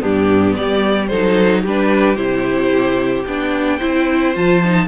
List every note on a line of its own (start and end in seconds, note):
0.00 0.58 G2
0.00 1.08 B3
0.00 0.56 D4
0.00 0.56 G4
0.56 1.12 G3
0.56 1.10 G4
0.56 1.07 D5
1.07 1.65 F#3
1.07 1.66 D#4
1.07 1.62 A4
1.07 1.61 C5
1.62 2.16 G3
1.62 2.16 D4
1.62 3.77 G4
1.62 2.16 B4
2.16 3.24 C3
2.16 3.25 E4
2.16 3.24 C5
3.27 3.81 B3
3.27 3.80 D4
3.27 4.36 G5
3.77 4.36 C4
3.77 4.34 E4
3.77 4.85 C5
4.34 4.87 F3
4.34 4.61 F4
4.34 4.87 A5
4.64 4.87 D#4